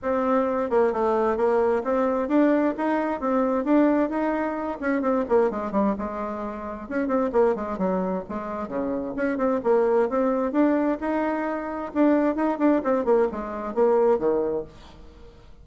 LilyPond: \new Staff \with { instrumentName = "bassoon" } { \time 4/4 \tempo 4 = 131 c'4. ais8 a4 ais4 | c'4 d'4 dis'4 c'4 | d'4 dis'4. cis'8 c'8 ais8 | gis8 g8 gis2 cis'8 c'8 |
ais8 gis8 fis4 gis4 cis4 | cis'8 c'8 ais4 c'4 d'4 | dis'2 d'4 dis'8 d'8 | c'8 ais8 gis4 ais4 dis4 | }